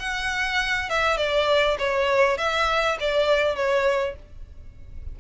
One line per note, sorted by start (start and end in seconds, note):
0.00 0.90 F#5
0.90 1.18 E5
1.18 1.78 D5
1.79 2.38 C#5
2.38 2.98 E5
3.01 3.56 D5
3.56 4.16 C#5